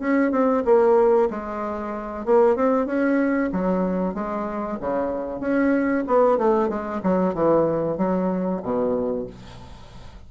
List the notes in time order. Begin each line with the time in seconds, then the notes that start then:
0.00 C#4
0.32 C4
0.66 A#3
1.31 G#3
2.26 A#3
2.56 C4
2.87 C#4
3.53 F#3
4.15 G#3
4.81 C#3
5.41 C#4
6.07 B3
6.38 A3
6.70 G#3
7.03 F#3
7.35 E3
7.98 F#3
8.63 B2